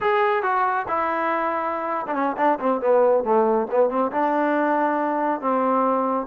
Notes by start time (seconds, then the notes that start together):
0.00 G#4
0.43 F#4
0.88 E4
2.07 D4
2.14 C#4
2.37 D4
2.59 C4
2.80 B3
3.24 A3
3.70 B3
3.89 C4
4.11 D4
5.41 C4